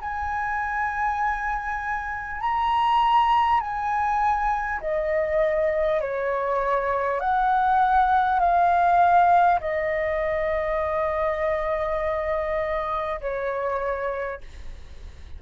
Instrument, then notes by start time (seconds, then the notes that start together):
flute
0.00 G#5
2.40 A#5
3.60 G#5
4.80 D#5
6.01 C#5
7.20 F#5
8.39 F5
9.60 D#5
13.20 C#5